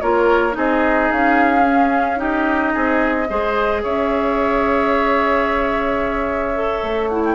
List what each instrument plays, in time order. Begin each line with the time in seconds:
0.00 bassoon A#3, clarinet F4, oboe A#4, flute C#5
0.51 bassoon C4, clarinet D#4, oboe G#4, flute D#5
1.11 bassoon C#4, flute F5
1.65 clarinet C#4
2.16 clarinet D#4, oboe G4, flute D#5
2.73 bassoon C4, oboe G#4
3.29 bassoon G#3, clarinet G#4, oboe C5
3.82 bassoon C#4, oboe C#5, flute E5
6.55 clarinet A4
6.82 bassoon A3
7.09 clarinet E4, flute F#5
7.25 flute G5